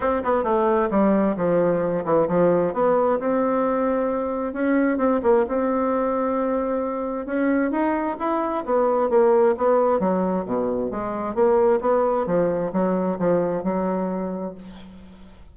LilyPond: \new Staff \with { instrumentName = "bassoon" } { \time 4/4 \tempo 4 = 132 c'8 b8 a4 g4 f4~ | f8 e8 f4 b4 c'4~ | c'2 cis'4 c'8 ais8 | c'1 |
cis'4 dis'4 e'4 b4 | ais4 b4 fis4 b,4 | gis4 ais4 b4 f4 | fis4 f4 fis2 | }